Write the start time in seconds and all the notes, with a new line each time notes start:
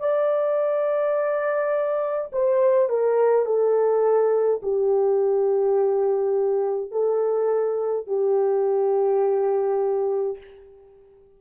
0.00 D5
2.32 C5
2.89 A#4
3.45 A4
4.62 G4
6.91 A4
8.07 G4